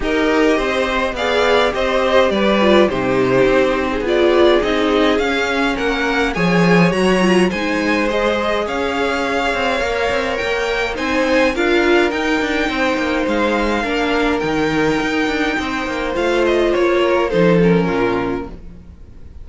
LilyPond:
<<
  \new Staff \with { instrumentName = "violin" } { \time 4/4 \tempo 4 = 104 dis''2 f''4 dis''4 | d''4 c''2 d''4 | dis''4 f''4 fis''4 gis''4 | ais''4 gis''4 dis''4 f''4~ |
f''2 g''4 gis''4 | f''4 g''2 f''4~ | f''4 g''2. | f''8 dis''8 cis''4 c''8 ais'4. | }
  \new Staff \with { instrumentName = "violin" } { \time 4/4 ais'4 c''4 d''4 c''4 | b'4 g'4.~ g'16 gis'4~ gis'16~ | gis'2 ais'4 cis''4~ | cis''4 c''2 cis''4~ |
cis''2. c''4 | ais'2 c''2 | ais'2. c''4~ | c''4. ais'8 a'4 f'4 | }
  \new Staff \with { instrumentName = "viola" } { \time 4/4 g'2 gis'4 g'4~ | g'8 f'8 dis'2 f'4 | dis'4 cis'2 gis'4 | fis'8 f'8 dis'4 gis'2~ |
gis'4 ais'2 dis'4 | f'4 dis'2. | d'4 dis'2. | f'2 dis'8 cis'4. | }
  \new Staff \with { instrumentName = "cello" } { \time 4/4 dis'4 c'4 b4 c'4 | g4 c4 c'4 b4 | c'4 cis'4 ais4 f4 | fis4 gis2 cis'4~ |
cis'8 c'8 ais8 c'8 ais4 c'4 | d'4 dis'8 d'8 c'8 ais8 gis4 | ais4 dis4 dis'8 d'8 c'8 ais8 | a4 ais4 f4 ais,4 | }
>>